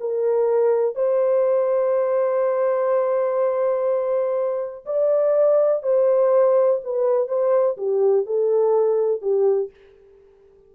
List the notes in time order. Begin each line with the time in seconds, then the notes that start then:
0.00 A#4
0.95 C5
4.86 D5
5.83 C5
6.84 B4
7.28 C5
7.77 G4
8.26 A4
9.22 G4